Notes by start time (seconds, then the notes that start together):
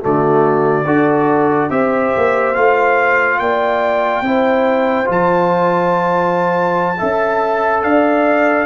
0.00 D3 A3 F#4 D5
0.85 D4 F#4 A4
1.70 C4 G4 C5 E5
2.16 A#3
2.54 A3 F4 F5
3.39 A#3 D5 G5
4.21 C4 E4 C5
5.05 F3 F4 A5
6.98 C#4 A4 E5
7.83 D4 D5 F5